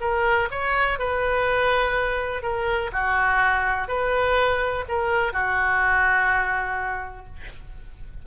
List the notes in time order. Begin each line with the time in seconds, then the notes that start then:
0.00 A#4
0.51 C#5
0.99 B4
2.42 A#4
2.92 F#4
3.88 B4
4.88 A#4
5.32 F#4